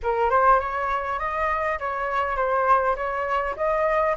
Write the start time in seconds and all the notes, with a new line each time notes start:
0.02 A#4
0.30 C5
0.59 C#5
1.19 D#5
1.79 C#5
2.36 C5
2.95 C#5
3.56 D#5